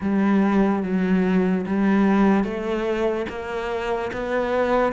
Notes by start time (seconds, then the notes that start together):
0.00 G3
0.83 F#3
1.66 G3
2.44 A3
3.29 A#3
4.12 B3